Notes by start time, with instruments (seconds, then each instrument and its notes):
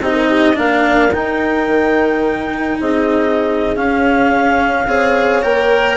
0.00 bassoon C4, cello D#4, horn G4, clarinet D#5
0.13 horn A#4
0.30 horn G4
0.54 bassoon A#3, cello D4, horn A#4, clarinet F5
1.13 cello D#4, bassoon D#4, clarinet G5
1.67 bassoon D#3
2.80 bassoon C4, horn G#4, clarinet D#5
3.77 cello C#4, bassoon C#4, clarinet F5
4.87 bassoon C4, cello G#4, horn C#5
5.43 bassoon A#3, cello A#4, clarinet G5